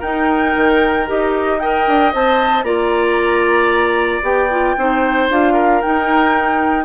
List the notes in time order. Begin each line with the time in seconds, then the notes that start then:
0.00 D#4 A#4 G5
0.56 D#3
1.07 D#4 G4 D#5
1.60 A#4 D#5 G5
1.87 D4
2.13 C4 C5 A5
2.64 A#3 F4 D5 A#5
4.23 B3 G4 G5
4.51 F4
4.78 C4 D#4 C5
5.30 D4 F4 F5
5.53 A#4
5.82 D#4 G5